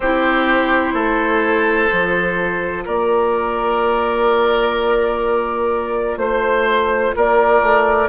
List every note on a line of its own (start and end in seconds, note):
0.00 0.93 C4
0.00 1.89 E4
0.00 0.93 G4
0.00 2.84 C5
0.93 1.88 A3
0.93 2.84 A4
1.89 2.86 F3
1.89 8.08 F4
2.85 6.17 A#3
2.85 6.18 A#4
2.85 6.17 D5
6.17 7.12 A3
6.17 7.13 C5
6.17 7.15 C5
7.15 7.61 A#3
7.15 8.08 A#4
7.15 8.08 D5
7.61 8.08 A3